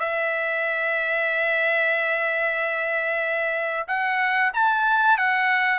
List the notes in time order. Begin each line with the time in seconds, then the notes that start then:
0.00 E5
3.88 F#5
4.54 A5
5.18 F#5